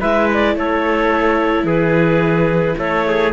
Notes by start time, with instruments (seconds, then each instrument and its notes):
0.00 cello G#3, viola E4, trumpet B4, clarinet E5
0.33 clarinet D5
0.55 cello A3, trumpet A4, clarinet C#5
1.63 cello E3, trumpet G#4, clarinet B4
2.78 cello A3, trumpet A4, clarinet C#5
3.08 trumpet G#4